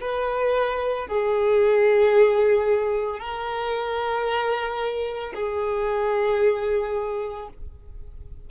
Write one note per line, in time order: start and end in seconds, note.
0.00 1.07 B4
1.07 3.19 G#4
3.19 5.33 A#4
5.34 7.49 G#4